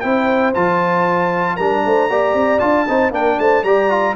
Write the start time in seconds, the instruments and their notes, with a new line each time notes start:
0.00 tuba C4, trombone E4, horn C5, trumpet G5
0.54 tuba F3, trombone F4, trumpet A5
1.55 tuba G3, trombone D4, horn A#4, trumpet A#5
1.85 tuba A3, horn C5
2.09 tuba A#3, trombone G4, horn D5
2.34 tuba C4
2.59 tuba D4, trombone F4, trumpet A5
2.88 tuba C4, trombone D#4, horn C5
3.11 tuba A#3, trombone D4, horn A#4, trumpet G5
3.38 tuba A3, horn C5, trumpet A5
3.63 tuba G3, trombone G4, horn D5, trumpet A#5
3.89 trombone F4